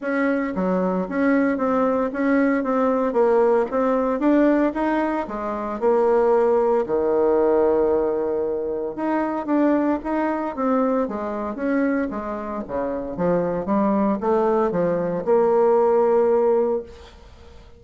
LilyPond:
\new Staff \with { instrumentName = "bassoon" } { \time 4/4 \tempo 4 = 114 cis'4 fis4 cis'4 c'4 | cis'4 c'4 ais4 c'4 | d'4 dis'4 gis4 ais4~ | ais4 dis2.~ |
dis4 dis'4 d'4 dis'4 | c'4 gis4 cis'4 gis4 | cis4 f4 g4 a4 | f4 ais2. | }